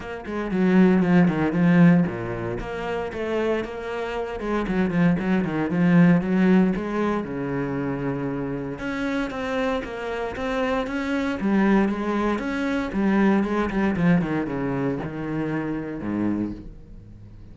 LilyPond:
\new Staff \with { instrumentName = "cello" } { \time 4/4 \tempo 4 = 116 ais8 gis8 fis4 f8 dis8 f4 | ais,4 ais4 a4 ais4~ | ais8 gis8 fis8 f8 fis8 dis8 f4 | fis4 gis4 cis2~ |
cis4 cis'4 c'4 ais4 | c'4 cis'4 g4 gis4 | cis'4 g4 gis8 g8 f8 dis8 | cis4 dis2 gis,4 | }